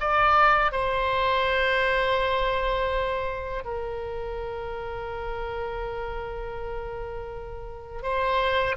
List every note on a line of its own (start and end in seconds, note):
0.00 0.71 D5
0.71 3.64 C5
3.64 8.02 A#4
8.02 8.75 C5